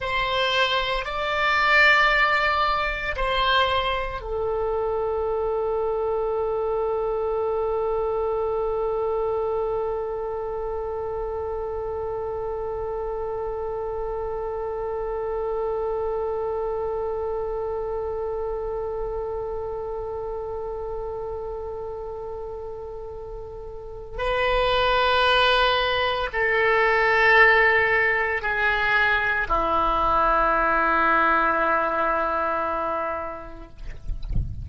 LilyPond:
\new Staff \with { instrumentName = "oboe" } { \time 4/4 \tempo 4 = 57 c''4 d''2 c''4 | a'1~ | a'1~ | a'1~ |
a'1~ | a'2. b'4~ | b'4 a'2 gis'4 | e'1 | }